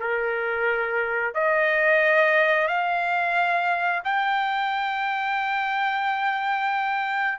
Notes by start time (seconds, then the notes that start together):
0.00 A#4
1.34 D#5
2.68 F5
4.04 G5